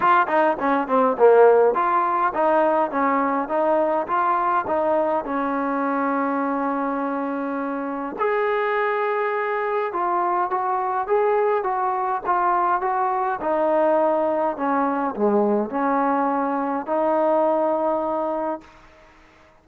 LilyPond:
\new Staff \with { instrumentName = "trombone" } { \time 4/4 \tempo 4 = 103 f'8 dis'8 cis'8 c'8 ais4 f'4 | dis'4 cis'4 dis'4 f'4 | dis'4 cis'2.~ | cis'2 gis'2~ |
gis'4 f'4 fis'4 gis'4 | fis'4 f'4 fis'4 dis'4~ | dis'4 cis'4 gis4 cis'4~ | cis'4 dis'2. | }